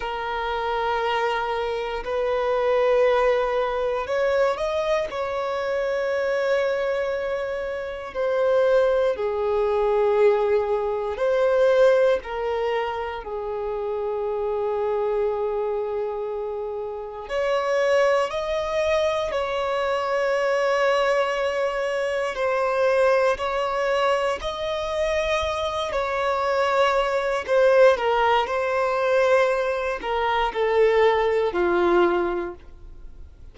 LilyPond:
\new Staff \with { instrumentName = "violin" } { \time 4/4 \tempo 4 = 59 ais'2 b'2 | cis''8 dis''8 cis''2. | c''4 gis'2 c''4 | ais'4 gis'2.~ |
gis'4 cis''4 dis''4 cis''4~ | cis''2 c''4 cis''4 | dis''4. cis''4. c''8 ais'8 | c''4. ais'8 a'4 f'4 | }